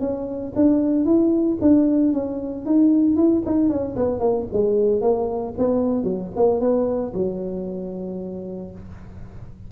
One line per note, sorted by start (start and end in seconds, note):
0.00 0.53 C#4
0.56 1.05 D4
1.05 1.58 E4
1.61 2.13 D4
2.13 2.65 C#4
2.65 3.16 D#4
3.16 3.43 E4
3.46 3.69 D#4
3.69 3.95 C#4
3.96 4.19 B3
4.19 4.46 A#3
4.53 5.01 G#3
5.01 5.54 A#3
5.58 6.04 B3
6.04 6.30 F#3
6.36 6.60 A#3
6.60 7.13 B3
7.14 8.72 F#3